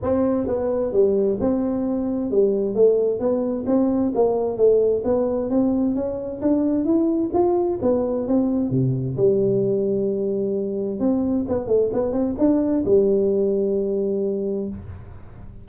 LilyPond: \new Staff \with { instrumentName = "tuba" } { \time 4/4 \tempo 4 = 131 c'4 b4 g4 c'4~ | c'4 g4 a4 b4 | c'4 ais4 a4 b4 | c'4 cis'4 d'4 e'4 |
f'4 b4 c'4 c4 | g1 | c'4 b8 a8 b8 c'8 d'4 | g1 | }